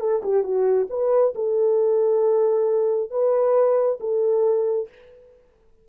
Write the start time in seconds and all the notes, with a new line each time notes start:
0.00 A4
0.23 G4
0.43 F#4
0.90 B4
1.35 A4
3.11 B4
4.00 A4